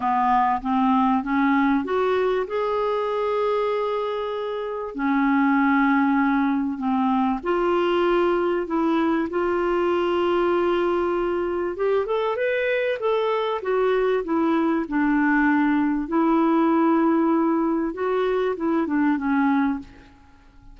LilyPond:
\new Staff \with { instrumentName = "clarinet" } { \time 4/4 \tempo 4 = 97 b4 c'4 cis'4 fis'4 | gis'1 | cis'2. c'4 | f'2 e'4 f'4~ |
f'2. g'8 a'8 | b'4 a'4 fis'4 e'4 | d'2 e'2~ | e'4 fis'4 e'8 d'8 cis'4 | }